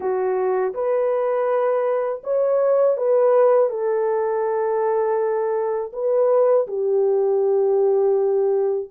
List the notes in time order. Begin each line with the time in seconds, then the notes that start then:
0.00 F#4
0.73 B4
2.23 C#5
2.97 B4
3.69 A4
5.92 B4
6.67 G4